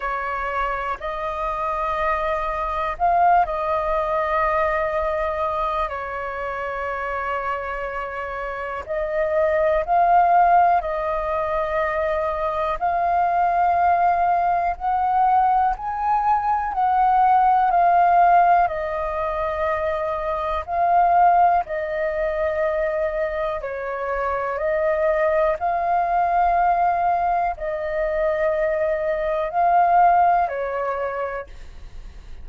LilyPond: \new Staff \with { instrumentName = "flute" } { \time 4/4 \tempo 4 = 61 cis''4 dis''2 f''8 dis''8~ | dis''2 cis''2~ | cis''4 dis''4 f''4 dis''4~ | dis''4 f''2 fis''4 |
gis''4 fis''4 f''4 dis''4~ | dis''4 f''4 dis''2 | cis''4 dis''4 f''2 | dis''2 f''4 cis''4 | }